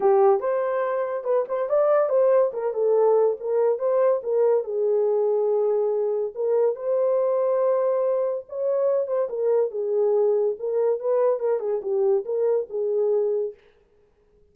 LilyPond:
\new Staff \with { instrumentName = "horn" } { \time 4/4 \tempo 4 = 142 g'4 c''2 b'8 c''8 | d''4 c''4 ais'8 a'4. | ais'4 c''4 ais'4 gis'4~ | gis'2. ais'4 |
c''1 | cis''4. c''8 ais'4 gis'4~ | gis'4 ais'4 b'4 ais'8 gis'8 | g'4 ais'4 gis'2 | }